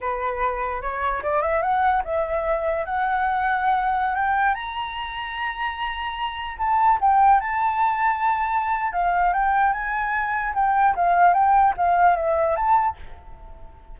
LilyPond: \new Staff \with { instrumentName = "flute" } { \time 4/4 \tempo 4 = 148 b'2 cis''4 d''8 e''8 | fis''4 e''2 fis''4~ | fis''2~ fis''16 g''4 ais''8.~ | ais''1~ |
ais''16 a''4 g''4 a''4.~ a''16~ | a''2 f''4 g''4 | gis''2 g''4 f''4 | g''4 f''4 e''4 a''4 | }